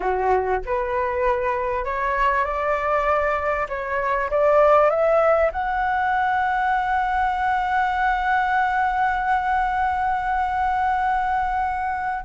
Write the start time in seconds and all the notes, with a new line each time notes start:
0.00 F#4
0.65 B4
1.85 C#5
2.44 D5
3.68 C#5
4.30 D5
4.90 E5
5.52 F#5